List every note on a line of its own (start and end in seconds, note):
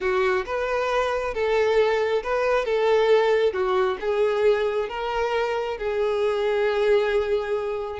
0.01 0.45 F#4
0.45 1.34 B4
1.34 2.22 A4
2.23 2.65 B4
2.65 3.53 A4
3.53 3.97 F#4
4.00 4.88 G#4
4.88 5.77 A#4
5.77 7.99 G#4